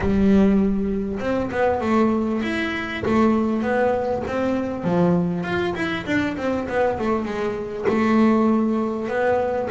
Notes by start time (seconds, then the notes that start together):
0.00 G3
1.19 C4
1.51 B3
1.80 A3
2.42 E4
3.05 A3
3.62 B3
4.27 C4
4.83 F3
5.43 F4
5.75 E4
6.06 D4
6.37 C4
6.68 B3
6.98 A3
7.25 G#3
7.88 A3
9.08 B3